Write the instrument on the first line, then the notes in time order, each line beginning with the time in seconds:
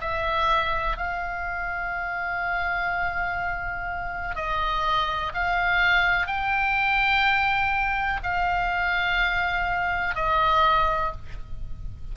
oboe
0.00 E5
0.97 F5
4.35 D#5
5.34 F5
6.26 G5
8.23 F5
10.15 D#5